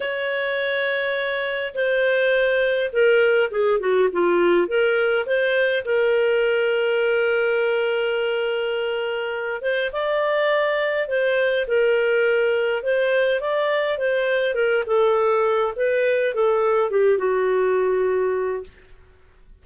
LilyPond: \new Staff \with { instrumentName = "clarinet" } { \time 4/4 \tempo 4 = 103 cis''2. c''4~ | c''4 ais'4 gis'8 fis'8 f'4 | ais'4 c''4 ais'2~ | ais'1~ |
ais'8 c''8 d''2 c''4 | ais'2 c''4 d''4 | c''4 ais'8 a'4. b'4 | a'4 g'8 fis'2~ fis'8 | }